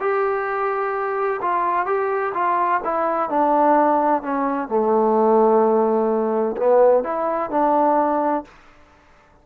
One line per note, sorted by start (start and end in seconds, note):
0.00 1.41 G4
1.41 1.86 F4
1.86 2.33 G4
2.34 2.81 F4
2.84 3.30 E4
3.30 4.22 D4
4.22 4.68 C#4
4.68 6.56 A3
6.57 7.04 B3
7.04 7.51 E4
7.51 8.44 D4